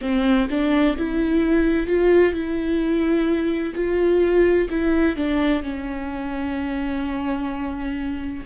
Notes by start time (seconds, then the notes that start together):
0.01 C4
0.49 D4
0.97 E4
1.86 F4
2.33 E4
3.74 F4
4.70 E4
5.16 D4
5.62 C#4